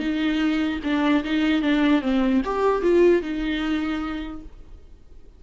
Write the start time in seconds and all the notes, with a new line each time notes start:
0.00 D#4
0.84 D4
1.24 D#4
1.62 D4
2.02 C4
2.45 G4
2.82 F4
3.22 D#4